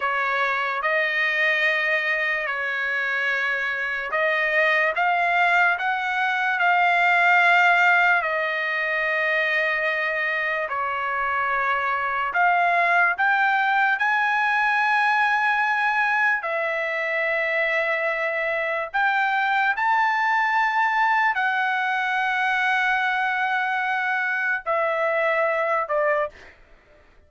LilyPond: \new Staff \with { instrumentName = "trumpet" } { \time 4/4 \tempo 4 = 73 cis''4 dis''2 cis''4~ | cis''4 dis''4 f''4 fis''4 | f''2 dis''2~ | dis''4 cis''2 f''4 |
g''4 gis''2. | e''2. g''4 | a''2 fis''2~ | fis''2 e''4. d''8 | }